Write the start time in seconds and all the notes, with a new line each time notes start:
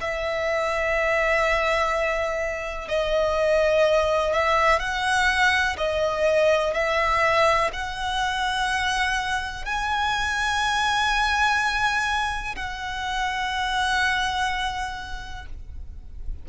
0.00 E5
2.88 D#5
4.33 E5
4.79 F#5
5.77 D#5
6.73 E5
7.72 F#5
9.65 G#5
12.55 F#5